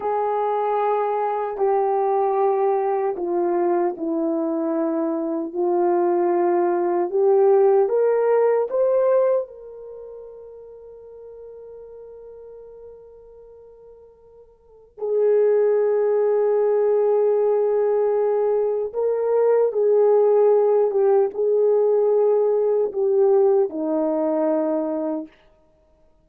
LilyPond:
\new Staff \with { instrumentName = "horn" } { \time 4/4 \tempo 4 = 76 gis'2 g'2 | f'4 e'2 f'4~ | f'4 g'4 ais'4 c''4 | ais'1~ |
ais'2. gis'4~ | gis'1 | ais'4 gis'4. g'8 gis'4~ | gis'4 g'4 dis'2 | }